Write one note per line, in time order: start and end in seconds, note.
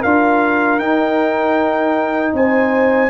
0.00 0.78 D4
0.00 0.80 F4
0.00 2.31 A#4
0.00 0.79 F5
0.78 2.32 D#4
0.78 3.09 D#4
0.78 2.33 G5
2.33 3.09 C4
2.33 3.09 C5
2.33 3.09 G#5